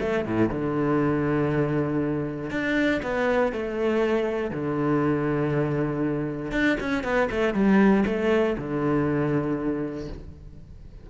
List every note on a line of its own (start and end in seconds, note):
0.00 0.25 A3
0.25 0.49 A2
0.49 2.50 D3
2.50 3.01 D4
3.02 3.52 B3
3.52 4.51 A3
4.51 6.52 D3
6.52 6.77 D4
6.80 7.03 C#4
7.03 7.29 B3
7.30 7.54 A3
7.54 8.04 G3
8.06 8.56 A3
8.57 10.09 D3